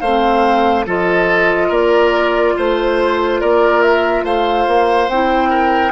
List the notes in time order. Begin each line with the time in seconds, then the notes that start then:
0.00 A3 C4 C5 F5
0.86 F3 F4 A4 D#5
1.68 A#3 A#4 D5
2.57 A3 C5
3.40 A#3 A#4 D5
3.82 E5
4.24 A3 C5 F5
4.67 A#3
5.08 C4 E4 G5
5.49 A#4